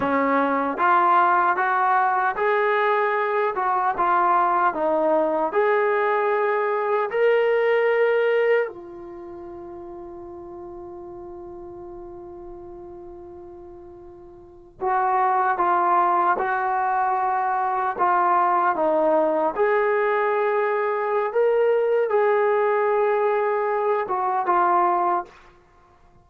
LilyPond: \new Staff \with { instrumentName = "trombone" } { \time 4/4 \tempo 4 = 76 cis'4 f'4 fis'4 gis'4~ | gis'8 fis'8 f'4 dis'4 gis'4~ | gis'4 ais'2 f'4~ | f'1~ |
f'2~ f'8. fis'4 f'16~ | f'8. fis'2 f'4 dis'16~ | dis'8. gis'2~ gis'16 ais'4 | gis'2~ gis'8 fis'8 f'4 | }